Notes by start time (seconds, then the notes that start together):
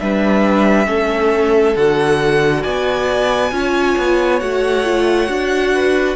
0.00 G3 D4 B4 E5
0.86 A3 C#4 A4
1.76 D3 F#4 F#5
2.63 B3 D5 G#5
3.52 C#4 F4 C#5
3.98 B3
4.40 A3 F#4 F#5
4.85 F4
5.28 D4 F#4
5.74 B4